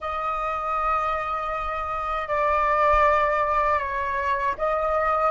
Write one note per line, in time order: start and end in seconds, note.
0.00 2.28 D#5
2.28 3.79 D5
3.79 4.55 C#5
4.57 5.30 D#5